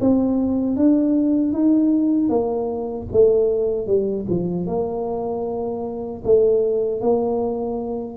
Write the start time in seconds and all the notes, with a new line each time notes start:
0.00 C4
0.76 D4
1.52 D#4
2.29 A#3
3.11 A3
3.86 G3
4.29 F3
4.66 A#3
6.24 A3
7.00 A#3